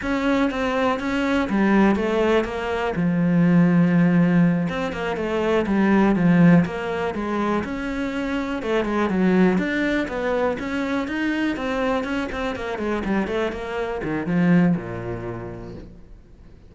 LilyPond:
\new Staff \with { instrumentName = "cello" } { \time 4/4 \tempo 4 = 122 cis'4 c'4 cis'4 g4 | a4 ais4 f2~ | f4. c'8 ais8 a4 g8~ | g8 f4 ais4 gis4 cis'8~ |
cis'4. a8 gis8 fis4 d'8~ | d'8 b4 cis'4 dis'4 c'8~ | c'8 cis'8 c'8 ais8 gis8 g8 a8 ais8~ | ais8 dis8 f4 ais,2 | }